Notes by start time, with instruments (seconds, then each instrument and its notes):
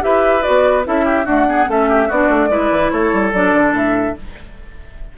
0.00 bassoon E4, clarinet G4, oboe B4, flute E5
0.42 bassoon B3, clarinet F#4, flute D5
0.84 bassoon C#4, clarinet E4, oboe A4, flute E5
1.05 oboe G4
1.25 clarinet A3, bassoon D4, oboe F#4, flute F#5
1.47 clarinet B3, oboe G#4
1.67 bassoon A3, clarinet C#4, oboe A4, flute E5
1.89 oboe G4
2.07 bassoon B3, clarinet D4, oboe F#4, flute D5
2.29 bassoon A3
2.49 bassoon G#3, clarinet E4, oboe B4
2.71 bassoon E3
2.91 bassoon A3, oboe A4, flute C#5
3.12 bassoon G3
3.33 bassoon F#3, clarinet D4, flute D5
3.53 bassoon D3
3.72 bassoon A2, flute E5